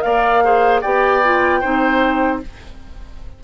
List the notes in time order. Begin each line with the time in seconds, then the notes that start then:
0.00 A#3 A#4 D5 F5
0.44 G#4 C5
0.81 B3 G4 D5 G5
1.24 F4
1.61 C4 D#4 C5